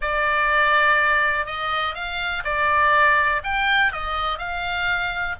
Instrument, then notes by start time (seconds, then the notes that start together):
oboe
0.01 D5
1.46 D#5
1.94 F5
2.44 D5
3.43 G5
3.92 D#5
4.38 F5